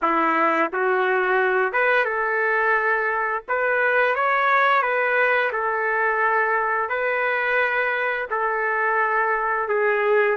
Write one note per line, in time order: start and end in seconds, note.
0.02 0.71 E4
0.72 1.72 F#4
1.72 2.05 B4
2.05 3.43 A4
3.48 4.15 B4
4.15 4.82 C#5
4.82 5.51 B4
5.52 6.89 A4
6.89 8.27 B4
8.30 9.68 A4
9.68 10.36 G#4